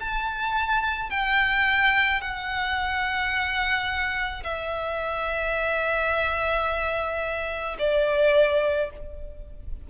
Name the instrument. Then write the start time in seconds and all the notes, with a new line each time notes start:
violin
0.00 A5
1.10 G5
2.21 F#5
4.43 E5
7.79 D5